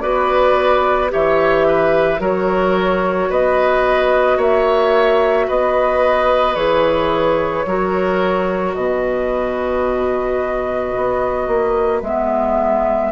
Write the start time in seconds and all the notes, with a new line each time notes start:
0.00 B3 F#4 B4 D5
1.09 E3 G4 C#5 E5
1.67 B4
2.19 F#3 F#4 A#4 C#5
3.29 B3 B4 D#5
4.37 A#3 C#5 E5
5.47 B3 B4 D#5
6.55 E3 G#4 C#5
7.66 F#3 F#4 A#4
8.74 B2 B4 D#5
10.96 B3
11.47 A#3
12.02 G#3 B3 E5